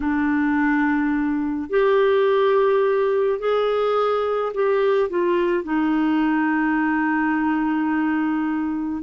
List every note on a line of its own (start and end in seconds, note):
0.00 1.69 D4
1.69 3.39 G4
3.39 4.52 G#4
4.53 5.09 G4
5.09 5.63 F4
5.63 9.03 D#4